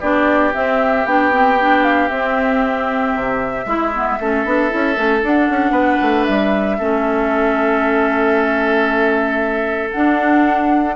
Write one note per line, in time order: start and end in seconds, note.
0.00 0.54 B3
0.00 0.53 D4
0.00 3.65 G4
0.00 0.53 D5
0.53 1.05 C4
0.53 1.06 C4
0.53 1.06 E5
1.06 2.10 B3
1.06 1.32 D4
1.06 1.83 G5
1.32 1.58 C4
1.61 2.10 D4
1.83 2.09 F5
2.09 3.14 C4
2.09 3.66 C4
2.09 5.22 E5
3.15 3.66 C3
3.66 4.18 G#3
3.66 3.93 E4
3.66 4.19 E4
3.93 4.19 B3
4.19 4.45 A3
4.19 4.46 C#4
4.19 5.72 A4
4.45 4.71 B3
4.45 4.70 D4
4.70 4.97 C#4
4.70 4.94 E4
4.94 5.23 A3
4.94 5.20 C#4
5.23 5.49 D4
5.23 6.79 D4
5.23 6.25 F#5
5.49 5.71 C#4
5.71 5.97 B3
5.71 6.76 B4
6.02 6.28 A3
6.25 6.80 G3
6.25 9.90 E5
6.78 9.93 A3
6.78 9.92 C#4
6.78 10.95 A4
9.91 10.95 D4
9.91 10.95 F#5